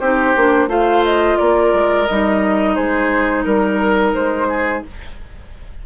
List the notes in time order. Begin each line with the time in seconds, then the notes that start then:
0.00 C4 D#4 G4 C5
0.36 A#3 D4
0.67 A3 F4 C5 F5
1.04 D#5
1.38 A#3 A#4 D5
1.73 G#3
2.06 G3 D#4 D#5
2.75 G#3 G#4 C5
3.44 G3 A#4
4.14 G#3 C5
4.49 G#4